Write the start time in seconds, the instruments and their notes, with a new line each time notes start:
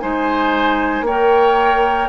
0.00 bassoon G#3, clarinet D#4, oboe C5, flute G#5
1.02 bassoon A#3, oboe C#5, flute G5
1.08 clarinet A#4